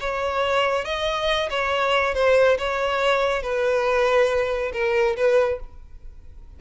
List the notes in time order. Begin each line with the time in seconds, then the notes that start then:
0.00 C#5
0.85 D#5
1.50 C#5
2.14 C5
2.58 C#5
3.43 B4
4.73 A#4
5.17 B4